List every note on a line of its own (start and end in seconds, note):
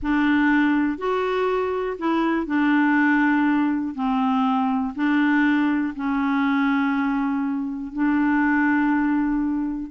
0.02 0.98 D4
0.98 1.97 F#4
1.98 2.46 E4
2.46 3.94 D4
3.94 4.94 C4
4.95 5.94 D4
5.95 7.92 C#4
7.92 9.91 D4